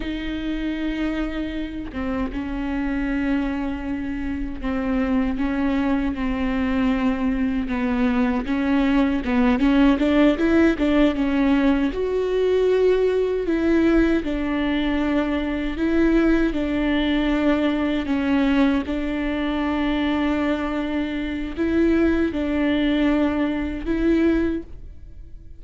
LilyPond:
\new Staff \with { instrumentName = "viola" } { \time 4/4 \tempo 4 = 78 dis'2~ dis'8 c'8 cis'4~ | cis'2 c'4 cis'4 | c'2 b4 cis'4 | b8 cis'8 d'8 e'8 d'8 cis'4 fis'8~ |
fis'4. e'4 d'4.~ | d'8 e'4 d'2 cis'8~ | cis'8 d'2.~ d'8 | e'4 d'2 e'4 | }